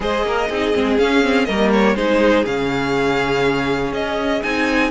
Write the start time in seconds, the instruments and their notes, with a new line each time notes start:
0.00 cello G#3, viola G#4, violin C5 D#5
0.23 cello A#3, violin A#4
0.49 cello C4, viola D#4, violin G#4
0.73 cello G#3, viola C4
0.98 cello C#4, viola C#4, violin F5
1.23 viola C4
1.45 cello G3, viola A#3, violin A#4 D#5
1.72 violin C#5
1.95 cello G#3, viola D#4, violin G#4 C5
2.45 cello C#3, viola C#4, violin F5
3.92 cello C#4, violin D#5
4.43 cello C4, viola D#4, violin G#5